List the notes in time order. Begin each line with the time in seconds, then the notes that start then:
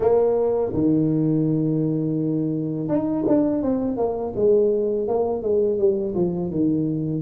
0.00 A#3
0.73 D#3
2.88 D#4
3.27 D4
3.62 C4
3.96 A#3
4.35 G#3
5.07 A#3
5.42 G#3
5.78 G3
6.14 F3
6.50 D#3